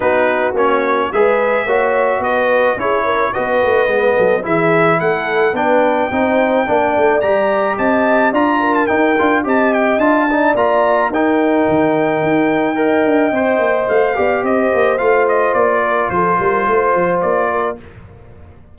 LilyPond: <<
  \new Staff \with { instrumentName = "trumpet" } { \time 4/4 \tempo 4 = 108 b'4 cis''4 e''2 | dis''4 cis''4 dis''2 | e''4 fis''4 g''2~ | g''4 ais''4 a''4 ais''8. a''16 |
g''4 a''8 g''8 a''4 ais''4 | g''1~ | g''4 f''4 dis''4 f''8 dis''8 | d''4 c''2 d''4 | }
  \new Staff \with { instrumentName = "horn" } { \time 4/4 fis'2 b'4 cis''4 | b'4 gis'8 ais'8 b'4. a'8 | gis'4 a'4 b'4 c''4 | d''2 dis''4 d''8 ais'8~ |
ais'4 dis''4. d''4. | ais'2. dis''4~ | dis''4. d''8 c''2~ | c''8 ais'8 a'8 ais'8 c''4. ais'8 | }
  \new Staff \with { instrumentName = "trombone" } { \time 4/4 dis'4 cis'4 gis'4 fis'4~ | fis'4 e'4 fis'4 b4 | e'2 d'4 dis'4 | d'4 g'2 f'4 |
dis'8 f'8 g'4 f'8 dis'8 f'4 | dis'2. ais'4 | c''4. g'4. f'4~ | f'1 | }
  \new Staff \with { instrumentName = "tuba" } { \time 4/4 b4 ais4 gis4 ais4 | b4 cis'4 b8 a8 gis8 fis8 | e4 a4 b4 c'4 | ais8 a8 g4 c'4 d'4 |
dis'8 d'8 c'4 d'4 ais4 | dis'4 dis4 dis'4. d'8 | c'8 ais8 a8 b8 c'8 ais8 a4 | ais4 f8 g8 a8 f8 ais4 | }
>>